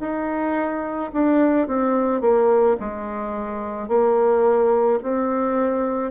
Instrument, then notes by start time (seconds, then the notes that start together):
bassoon
0.00 D#4
1.13 D4
1.68 C4
2.21 A#3
2.80 G#3
3.88 A#3
5.03 C4